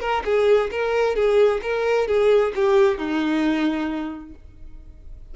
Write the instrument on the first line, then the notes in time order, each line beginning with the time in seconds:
violin
0.00 A#4
0.24 G#4
0.71 A#4
1.15 G#4
1.62 A#4
2.07 G#4
2.55 G4
2.98 D#4